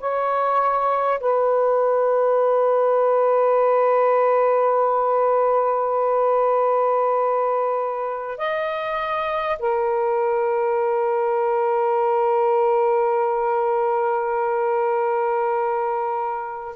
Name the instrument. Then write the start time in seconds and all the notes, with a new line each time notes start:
saxophone
0.00 C#5
1.21 B4
8.38 D#5
9.59 A#4